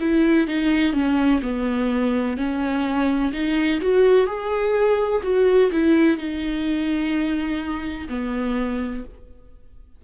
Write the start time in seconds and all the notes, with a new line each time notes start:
0.00 E4
0.47 D#4
0.93 C#4
1.42 B3
2.36 C#4
3.33 D#4
3.81 F#4
4.26 G#4
5.23 F#4
5.71 E4
6.17 D#4
8.09 B3